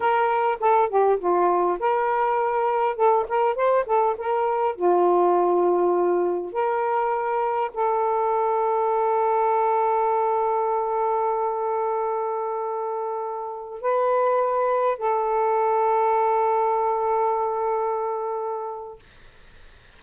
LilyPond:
\new Staff \with { instrumentName = "saxophone" } { \time 4/4 \tempo 4 = 101 ais'4 a'8 g'8 f'4 ais'4~ | ais'4 a'8 ais'8 c''8 a'8 ais'4 | f'2. ais'4~ | ais'4 a'2.~ |
a'1~ | a'2.~ a'16 b'8.~ | b'4~ b'16 a'2~ a'8.~ | a'1 | }